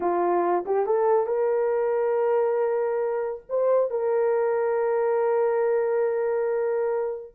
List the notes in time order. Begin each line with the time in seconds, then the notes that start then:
0.00 F4
0.65 G4
0.86 A4
1.26 A#4
3.49 C5
3.90 A#4